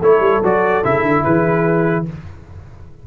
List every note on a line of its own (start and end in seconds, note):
0.00 0.20 A3
0.00 0.43 E4
0.00 1.22 A4
0.00 0.44 C#5
0.20 0.41 G3
0.44 0.84 F#3
0.44 0.84 F#4
0.44 0.85 D5
0.84 1.02 C#3
0.84 2.06 E4
0.84 1.24 E5
1.02 1.23 D3
1.23 2.07 E3
1.23 2.05 G#4
1.23 2.05 B4